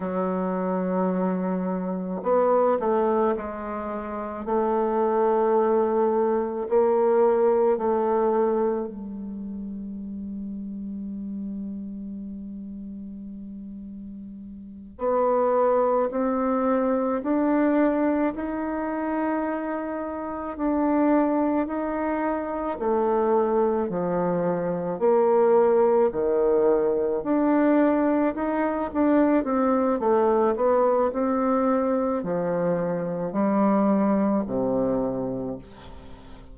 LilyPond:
\new Staff \with { instrumentName = "bassoon" } { \time 4/4 \tempo 4 = 54 fis2 b8 a8 gis4 | a2 ais4 a4 | g1~ | g4. b4 c'4 d'8~ |
d'8 dis'2 d'4 dis'8~ | dis'8 a4 f4 ais4 dis8~ | dis8 d'4 dis'8 d'8 c'8 a8 b8 | c'4 f4 g4 c4 | }